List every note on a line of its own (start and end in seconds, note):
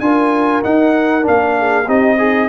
0.00 0.62 D4
0.00 0.63 F4
0.00 1.58 A#4
0.00 0.62 G#5
0.63 1.22 D#4
0.63 1.27 D#4
0.63 1.26 F#5
1.22 1.88 A#3
1.22 1.84 D4
1.22 1.89 F5
1.58 1.86 G#4
1.86 2.49 C4
1.86 2.18 D#4
1.86 2.16 G4
1.86 2.49 D#5
2.18 2.49 D#4
2.18 2.49 G#4